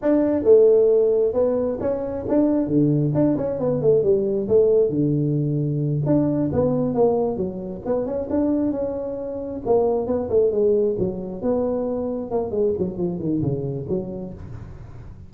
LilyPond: \new Staff \with { instrumentName = "tuba" } { \time 4/4 \tempo 4 = 134 d'4 a2 b4 | cis'4 d'4 d4 d'8 cis'8 | b8 a8 g4 a4 d4~ | d4. d'4 b4 ais8~ |
ais8 fis4 b8 cis'8 d'4 cis'8~ | cis'4. ais4 b8 a8 gis8~ | gis8 fis4 b2 ais8 | gis8 fis8 f8 dis8 cis4 fis4 | }